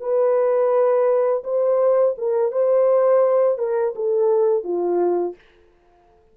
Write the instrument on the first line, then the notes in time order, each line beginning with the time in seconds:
horn
0.00 B4
1.44 C5
2.18 A#4
2.52 C5
3.58 A#4
3.95 A4
4.64 F4